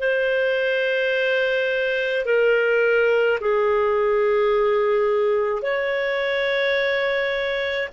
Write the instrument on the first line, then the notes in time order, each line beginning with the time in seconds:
clarinet
0.00 C5
2.26 A#4
3.41 G#4
5.63 C#5